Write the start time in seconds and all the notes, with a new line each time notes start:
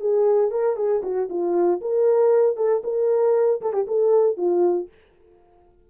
0.00 G#4
0.51 A#4
0.76 G#4
1.03 F#4
1.29 F4
1.81 A#4
2.56 A4
2.84 A#4
3.61 A4
3.73 G4
3.87 A4
4.37 F4